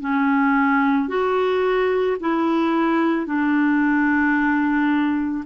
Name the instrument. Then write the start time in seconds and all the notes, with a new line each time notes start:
clarinet
0.00 C#4
1.08 F#4
2.20 E4
3.26 D4